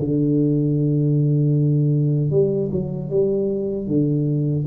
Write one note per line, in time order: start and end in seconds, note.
0.00 2.31 D3
2.31 2.70 G3
2.72 3.10 F#3
3.10 3.88 G3
3.88 4.66 D3